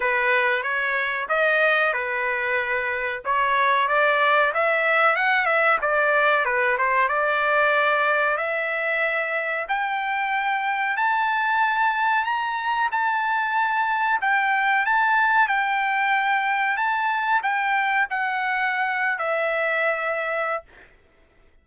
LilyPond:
\new Staff \with { instrumentName = "trumpet" } { \time 4/4 \tempo 4 = 93 b'4 cis''4 dis''4 b'4~ | b'4 cis''4 d''4 e''4 | fis''8 e''8 d''4 b'8 c''8 d''4~ | d''4 e''2 g''4~ |
g''4 a''2 ais''4 | a''2 g''4 a''4 | g''2 a''4 g''4 | fis''4.~ fis''16 e''2~ e''16 | }